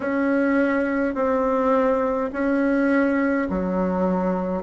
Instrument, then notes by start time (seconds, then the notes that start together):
bassoon
0.00 C#4
1.14 C4
2.32 C#4
3.49 F#3